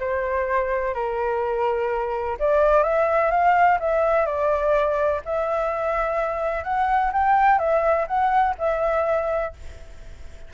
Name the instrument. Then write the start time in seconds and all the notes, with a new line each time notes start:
flute
0.00 C5
0.95 A#4
2.40 D5
2.84 E5
3.31 F5
3.80 E5
4.26 D5
5.25 E5
6.64 F#5
7.13 G5
7.59 E5
8.08 F#5
8.59 E5